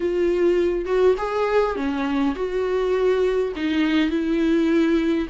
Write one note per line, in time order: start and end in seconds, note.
0.00 0.85 F4
0.85 1.14 F#4
1.17 1.75 G#4
1.75 2.34 C#4
2.35 3.52 F#4
3.56 4.10 D#4
4.10 5.27 E4